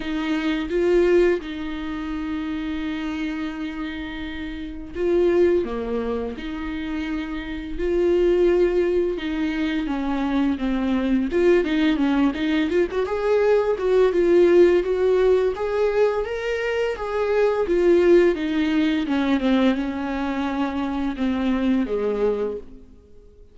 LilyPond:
\new Staff \with { instrumentName = "viola" } { \time 4/4 \tempo 4 = 85 dis'4 f'4 dis'2~ | dis'2. f'4 | ais4 dis'2 f'4~ | f'4 dis'4 cis'4 c'4 |
f'8 dis'8 cis'8 dis'8 f'16 fis'16 gis'4 fis'8 | f'4 fis'4 gis'4 ais'4 | gis'4 f'4 dis'4 cis'8 c'8 | cis'2 c'4 gis4 | }